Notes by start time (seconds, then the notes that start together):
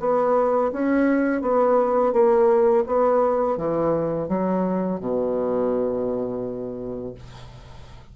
0.00 B3
0.72 C#4
1.42 B3
2.13 A#3
2.87 B3
3.57 E3
4.29 F#3
5.00 B2